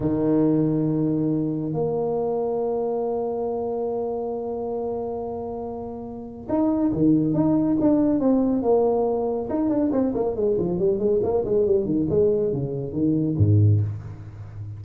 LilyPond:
\new Staff \with { instrumentName = "tuba" } { \time 4/4 \tempo 4 = 139 dis1 | ais1~ | ais1~ | ais2. dis'4 |
dis4 dis'4 d'4 c'4 | ais2 dis'8 d'8 c'8 ais8 | gis8 f8 g8 gis8 ais8 gis8 g8 dis8 | gis4 cis4 dis4 gis,4 | }